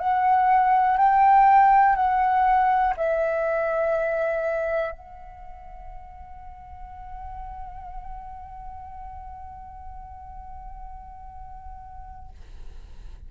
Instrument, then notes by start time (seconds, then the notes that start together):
flute
0.00 F#5
0.98 G5
1.96 F#5
2.97 E5
4.92 F#5